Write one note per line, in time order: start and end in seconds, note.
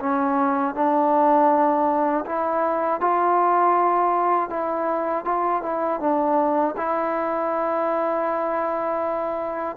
0.00 0.75 C#4
0.75 2.25 D4
2.26 3.01 E4
3.01 4.50 F4
4.50 5.25 E4
5.25 5.62 F4
5.63 6.00 E4
6.00 6.75 D4
6.77 9.77 E4